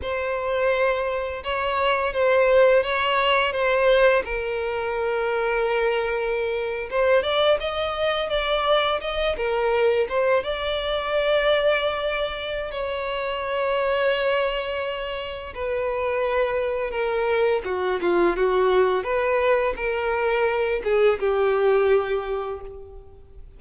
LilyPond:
\new Staff \with { instrumentName = "violin" } { \time 4/4 \tempo 4 = 85 c''2 cis''4 c''4 | cis''4 c''4 ais'2~ | ais'4.~ ais'16 c''8 d''8 dis''4 d''16~ | d''8. dis''8 ais'4 c''8 d''4~ d''16~ |
d''2 cis''2~ | cis''2 b'2 | ais'4 fis'8 f'8 fis'4 b'4 | ais'4. gis'8 g'2 | }